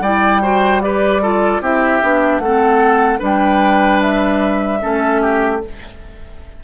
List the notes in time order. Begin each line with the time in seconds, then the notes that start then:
0.00 G3 E4 D5 G5
0.42 F#4 C5
0.82 G4 B4 D5
1.22 F4 A4
1.61 C4 E4 G4 E5
2.02 B3 D4
2.39 A3 C4 A4 F#5
3.19 G3 D4 B4 G5
4.01 E5
4.80 A3 C#4 A4
5.21 G4